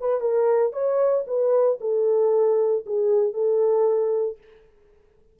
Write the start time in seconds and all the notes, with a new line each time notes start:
0.00 B4
0.20 A#4
0.72 C#5
1.27 B4
1.81 A4
2.86 G#4
3.33 A4